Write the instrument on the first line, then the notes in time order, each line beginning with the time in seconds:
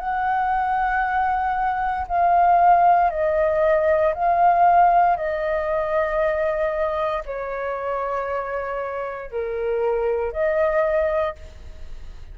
flute
0.00 F#5
2.08 F5
3.10 D#5
4.14 F5
5.17 D#5
7.26 C#5
9.31 A#4
10.32 D#5